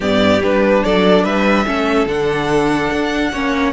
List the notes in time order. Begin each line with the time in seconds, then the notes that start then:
0.00 G2 B3 G4 D5
0.42 G3 D4 B4
0.83 F#3 A4 D5
1.23 G3 B4 E5
1.65 A3 C#4 A4
2.06 D3 D4 F#5
2.91 D4
3.32 A#3 C#4 C#5